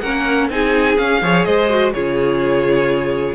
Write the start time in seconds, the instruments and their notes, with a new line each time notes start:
0.00 cello A#3, viola C#4, violin A#4 F#5
0.49 cello C4, viola D#4, violin G#4 G#5
0.97 viola C#4, cello C#4, violin F5
1.22 cello F3, viola G#4, violin C#5
1.44 cello G#3, violin C5 D#5
1.69 viola F#4
1.93 cello C#3, viola F4, violin G#4 C#5